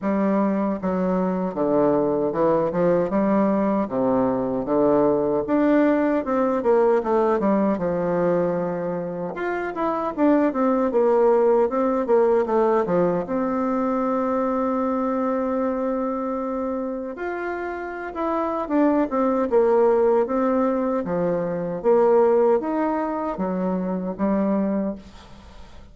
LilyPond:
\new Staff \with { instrumentName = "bassoon" } { \time 4/4 \tempo 4 = 77 g4 fis4 d4 e8 f8 | g4 c4 d4 d'4 | c'8 ais8 a8 g8 f2 | f'8 e'8 d'8 c'8 ais4 c'8 ais8 |
a8 f8 c'2.~ | c'2 f'4~ f'16 e'8. | d'8 c'8 ais4 c'4 f4 | ais4 dis'4 fis4 g4 | }